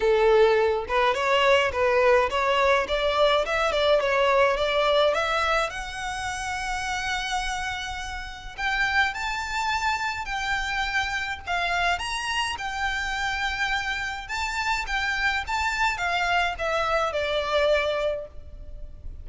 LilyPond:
\new Staff \with { instrumentName = "violin" } { \time 4/4 \tempo 4 = 105 a'4. b'8 cis''4 b'4 | cis''4 d''4 e''8 d''8 cis''4 | d''4 e''4 fis''2~ | fis''2. g''4 |
a''2 g''2 | f''4 ais''4 g''2~ | g''4 a''4 g''4 a''4 | f''4 e''4 d''2 | }